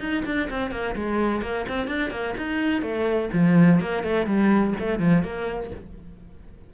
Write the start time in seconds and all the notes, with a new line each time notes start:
0.00 D#4
0.25 D4
0.50 C4
0.71 A#3
0.95 G#3
1.42 A#3
1.69 C4
1.87 D4
2.11 A#3
2.37 D#4
2.82 A3
3.33 F3
3.81 A#3
4.03 A3
4.26 G3
4.79 A3
4.99 F3
5.23 A#3